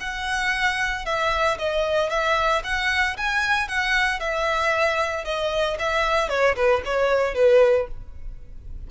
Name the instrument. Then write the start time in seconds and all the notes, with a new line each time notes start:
violin
0.00 F#5
1.05 E5
1.59 D#5
2.10 E5
2.64 F#5
3.17 G#5
3.68 F#5
4.20 E5
5.24 D#5
5.79 E5
6.29 C#5
6.56 B4
6.85 C#5
7.34 B4